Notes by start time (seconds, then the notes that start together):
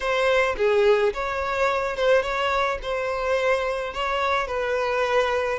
0.00 C5
0.57 G#4
1.13 C#5
1.96 C5
2.22 C#5
2.82 C5
3.93 C#5
4.47 B4